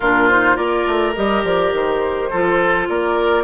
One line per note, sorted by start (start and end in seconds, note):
0.00 0.57 A#2
0.00 0.30 D4
0.00 0.56 F4
0.00 0.27 A#4
0.27 0.55 D#4
0.27 0.56 C5
0.55 0.86 A#3
0.55 1.13 F4
0.55 2.29 A#4
0.55 1.14 D5
0.86 1.15 A3
1.15 1.44 G3
1.15 2.31 G4
1.15 1.44 D#5
1.44 1.72 F3
1.44 1.73 D5
1.72 2.30 D#3
1.72 2.89 C5
2.30 2.89 F3
2.30 3.44 F4
2.30 2.87 A4
2.88 3.44 A#3
2.88 3.44 A#4
2.88 3.44 D5